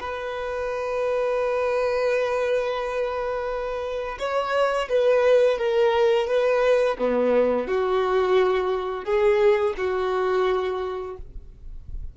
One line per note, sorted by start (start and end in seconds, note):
0.00 4.19 B4
4.19 4.89 C#5
4.89 5.58 B4
5.58 6.28 A#4
6.28 6.98 B4
6.99 7.68 B3
7.68 9.05 F#4
9.05 9.75 G#4
9.78 11.17 F#4